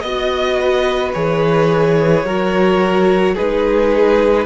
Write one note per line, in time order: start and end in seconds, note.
0.00 1.14 B3
0.00 1.14 F#4
0.00 1.11 D#5
0.00 0.59 D#5
0.60 2.26 B4
1.13 2.24 E3
1.13 2.25 G#4
1.13 3.35 C#5
2.24 3.35 F#3
2.24 3.36 F#4
2.24 3.34 A#4
3.34 4.46 G#3
3.34 4.46 D#4
3.34 4.45 G#4
3.34 4.46 B4